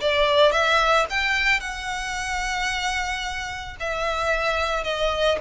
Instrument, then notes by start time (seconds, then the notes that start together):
violin
0.00 D5
0.51 E5
1.09 G5
1.60 F#5
3.79 E5
4.83 D#5